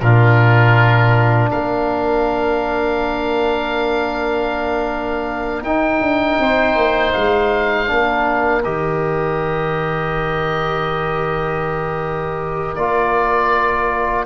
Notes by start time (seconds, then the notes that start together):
0.00 A#2 D4 F4 A#4
1.50 A#3 A#4 F5
5.63 D#4 G5
6.01 D4
6.39 C4 C5
6.76 A#3
7.13 G#3 F5
7.87 A#3 D4 A#4
8.64 D#3 G4 D#5
12.76 A#3 F4 D5